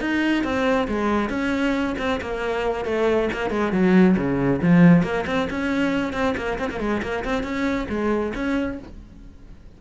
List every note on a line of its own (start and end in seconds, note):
0.00 0.44 D#4
0.44 0.87 C4
0.88 1.29 G#3
1.29 1.95 C#4
1.98 2.20 C4
2.21 2.85 A#3
2.85 3.29 A3
3.33 3.50 A#3
3.50 3.72 G#3
3.72 4.16 F#3
4.17 4.61 C#3
4.61 5.03 F3
5.03 5.25 A#3
5.26 5.48 C4
5.50 6.13 C#4
6.13 6.35 C4
6.37 6.59 A#3
6.59 6.70 C4
6.70 6.80 A#3
6.80 7.02 G#3
7.02 7.24 A#3
7.25 7.43 C4
7.43 7.87 C#4
7.89 8.33 G#3
8.35 8.79 C#4